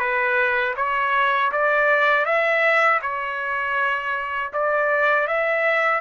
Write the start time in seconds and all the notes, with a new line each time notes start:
0.00 B4
0.77 C#5
1.52 D5
2.26 E5
3.02 C#5
4.53 D5
5.28 E5